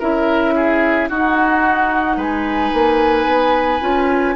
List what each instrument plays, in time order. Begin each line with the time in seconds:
0.00 bassoon C#4, clarinet E4, oboe A#4, flute E5
0.56 oboe G#4
1.10 bassoon D#4, clarinet D#4, oboe F#4, flute F#5
2.17 bassoon G#3, oboe B4, flute G#5
2.74 bassoon A#3
3.25 bassoon B3
3.81 bassoon C#4, clarinet F4